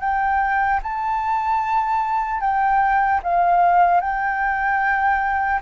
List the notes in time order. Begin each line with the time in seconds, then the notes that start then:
0.00 G5
0.83 A5
2.40 G5
3.23 F5
4.00 G5